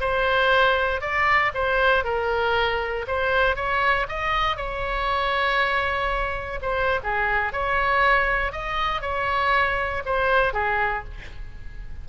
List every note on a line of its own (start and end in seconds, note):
0.00 1.01 C5
1.01 1.52 D5
1.54 2.04 C5
2.04 3.06 A#4
3.07 3.55 C5
3.55 4.06 C#5
4.09 4.56 D#5
4.56 6.60 C#5
6.62 7.00 C5
7.03 7.52 G#4
7.52 8.52 C#5
8.52 9.01 D#5
9.01 10.03 C#5
10.05 10.53 C5
10.53 11.04 G#4